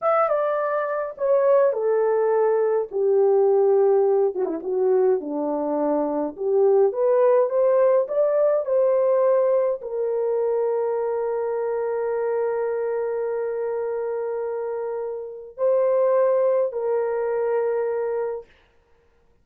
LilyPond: \new Staff \with { instrumentName = "horn" } { \time 4/4 \tempo 4 = 104 e''8 d''4. cis''4 a'4~ | a'4 g'2~ g'8 fis'16 e'16 | fis'4 d'2 g'4 | b'4 c''4 d''4 c''4~ |
c''4 ais'2.~ | ais'1~ | ais'2. c''4~ | c''4 ais'2. | }